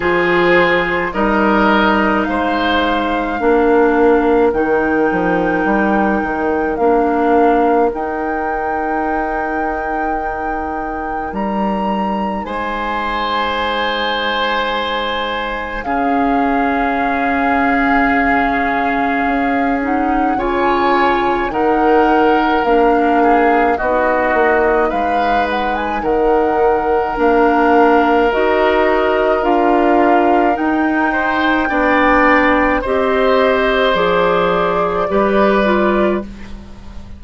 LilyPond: <<
  \new Staff \with { instrumentName = "flute" } { \time 4/4 \tempo 4 = 53 c''4 dis''4 f''2 | g''2 f''4 g''4~ | g''2 ais''4 gis''4~ | gis''2 f''2~ |
f''4. fis''8 gis''4 fis''4 | f''4 dis''4 f''8 fis''16 gis''16 fis''4 | f''4 dis''4 f''4 g''4~ | g''4 dis''4 d''2 | }
  \new Staff \with { instrumentName = "oboe" } { \time 4/4 gis'4 ais'4 c''4 ais'4~ | ais'1~ | ais'2. c''4~ | c''2 gis'2~ |
gis'2 cis''4 ais'4~ | ais'8 gis'8 fis'4 b'4 ais'4~ | ais'2.~ ais'8 c''8 | d''4 c''2 b'4 | }
  \new Staff \with { instrumentName = "clarinet" } { \time 4/4 f'4 dis'2 d'4 | dis'2 d'4 dis'4~ | dis'1~ | dis'2 cis'2~ |
cis'4. dis'8 f'4 dis'4 | d'4 dis'2. | d'4 fis'4 f'4 dis'4 | d'4 g'4 gis'4 g'8 f'8 | }
  \new Staff \with { instrumentName = "bassoon" } { \time 4/4 f4 g4 gis4 ais4 | dis8 f8 g8 dis8 ais4 dis'4~ | dis'2 g4 gis4~ | gis2 cis2~ |
cis4 cis'4 cis4 dis4 | ais4 b8 ais8 gis4 dis4 | ais4 dis'4 d'4 dis'4 | b4 c'4 f4 g4 | }
>>